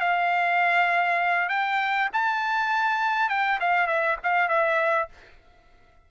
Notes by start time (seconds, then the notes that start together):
0.00 F5
1.49 G5
2.13 A5
3.29 G5
3.60 F5
3.87 E5
4.23 F5
4.49 E5